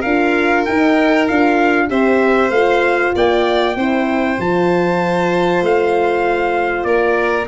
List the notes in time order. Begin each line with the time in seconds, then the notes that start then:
0.00 D4 F4 A#4 F5
0.66 D#4 G5
1.28 D4 F4 F5
1.89 C4 G4 C5 E5
2.50 A3 F4 F5
3.15 A#3 D5 G5
3.76 C4 E4 C5
4.39 F3 F4 A5
5.62 A3 F5
6.84 A#3 A#4 D5